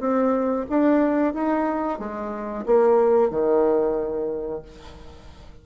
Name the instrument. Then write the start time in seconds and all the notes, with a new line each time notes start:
bassoon
0.00 C4
0.70 D4
1.34 D#4
1.99 G#3
2.66 A#3
3.30 D#3